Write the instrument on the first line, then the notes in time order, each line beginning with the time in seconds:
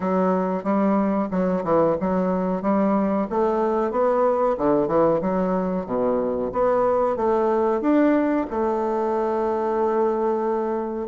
bassoon
0.00 F#3
0.63 G3
1.30 F#3
1.64 E3
2.00 F#3
2.61 G3
3.30 A3
3.91 B3
4.57 D3
4.87 E3
5.21 F#3
5.85 B2
6.52 B3
7.16 A3
7.81 D4
8.50 A3